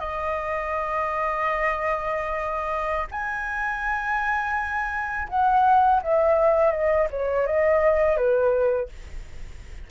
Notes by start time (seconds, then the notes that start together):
0.00 D#5
3.11 G#5
5.29 F#5
6.02 E5
6.72 D#5
7.11 C#5
7.47 D#5
8.17 B4